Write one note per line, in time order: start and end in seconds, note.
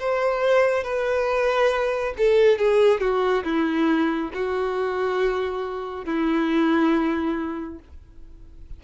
0.00 0.84 C5
0.84 2.15 B4
2.18 2.59 A4
2.59 3.01 G#4
3.01 3.44 F#4
3.44 4.31 E4
4.34 6.06 F#4
6.06 7.79 E4